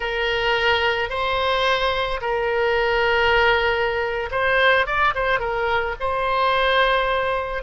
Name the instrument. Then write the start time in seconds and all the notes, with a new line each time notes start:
oboe
0.00 A#4
1.09 C5
2.21 A#4
4.31 C5
4.86 D5
5.15 C5
5.39 A#4
5.99 C5